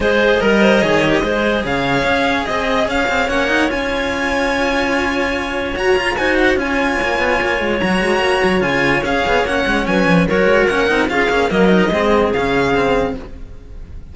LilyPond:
<<
  \new Staff \with { instrumentName = "violin" } { \time 4/4 \tempo 4 = 146 dis''1 | f''2 dis''4 f''4 | fis''4 gis''2.~ | gis''2 ais''4 gis''8 fis''8 |
gis''2. ais''4~ | ais''4 gis''4 f''4 fis''4 | gis''4 cis''4 fis''4 f''4 | dis''2 f''2 | }
  \new Staff \with { instrumentName = "clarinet" } { \time 4/4 c''4 ais'8 c''8 cis''4 c''4 | cis''2 dis''4 cis''4~ | cis''1~ | cis''2. c''4 |
cis''1~ | cis''1 | b'4 ais'2 gis'4 | ais'4 gis'2. | }
  \new Staff \with { instrumentName = "cello" } { \time 4/4 gis'4 ais'4 gis'8 g'8 gis'4~ | gis'1 | cis'8 dis'8 f'2.~ | f'2 fis'8 f'8 fis'4 |
f'2. fis'4~ | fis'4 f'4 gis'4 cis'4~ | cis'4 fis'4 cis'8 dis'8 f'8 cis'8 | ais8 dis'8 c'4 cis'4 c'4 | }
  \new Staff \with { instrumentName = "cello" } { \time 4/4 gis4 g4 dis4 gis4 | cis4 cis'4 c'4 cis'8 c'8 | ais4 cis'2.~ | cis'2 fis'8 f'8 dis'4 |
cis'4 ais8 b8 ais8 gis8 fis8 gis8 | ais8 fis8 cis4 cis'8 b8 ais8 gis8 | fis8 f8 fis8 gis8 ais8 c'8 cis'8 ais8 | fis4 gis4 cis2 | }
>>